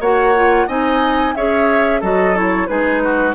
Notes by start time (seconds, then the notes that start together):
0.00 A#3 F#4 C#5 F#5
0.36 F4
0.67 C4 D#4 D#5 G#5
1.35 C#4 G#4 C#5 E5
2.00 F#3 F#4 A4 D#5
2.35 E4 C#5
2.67 G#3 D#4 G#4 B4
3.03 F#4